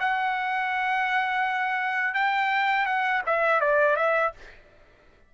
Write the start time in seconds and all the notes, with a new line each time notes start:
0.00 F#5
2.15 G5
2.86 F#5
3.27 E5
3.61 D5
3.97 E5